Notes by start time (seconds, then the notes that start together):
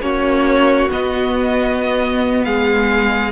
0.00 A#3 C#4 F#4 C#5
0.90 B3 D#5
2.44 G#3 G#4 F5